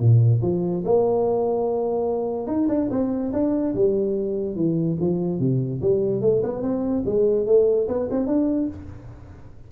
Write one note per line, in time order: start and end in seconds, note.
0.00 0.41 A#2
0.43 0.84 F3
0.85 2.48 A#3
2.48 2.68 D#4
2.69 2.90 D4
2.91 3.32 C4
3.33 3.75 D4
3.75 4.56 G3
4.56 4.97 E3
5.01 5.40 F3
5.40 5.81 C3
5.82 6.22 G3
6.22 6.42 A3
6.44 6.63 B3
6.63 7.04 C4
7.06 7.47 G#3
7.47 7.88 A3
7.88 8.09 B3
8.11 8.27 C4
8.27 8.69 D4